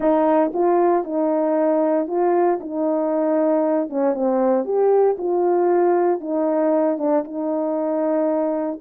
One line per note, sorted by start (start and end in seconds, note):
0.00 0.52 D#4
0.53 1.04 F4
1.04 2.07 D#4
2.07 2.59 F4
2.60 3.89 D#4
3.89 4.14 C#4
4.14 4.64 C4
4.64 5.16 G4
5.17 6.20 F4
6.20 6.97 D#4
6.98 7.23 D4
7.24 8.79 D#4